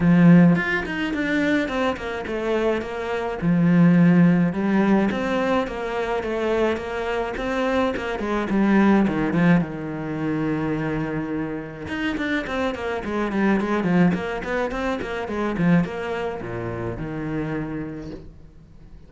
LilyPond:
\new Staff \with { instrumentName = "cello" } { \time 4/4 \tempo 4 = 106 f4 f'8 dis'8 d'4 c'8 ais8 | a4 ais4 f2 | g4 c'4 ais4 a4 | ais4 c'4 ais8 gis8 g4 |
dis8 f8 dis2.~ | dis4 dis'8 d'8 c'8 ais8 gis8 g8 | gis8 f8 ais8 b8 c'8 ais8 gis8 f8 | ais4 ais,4 dis2 | }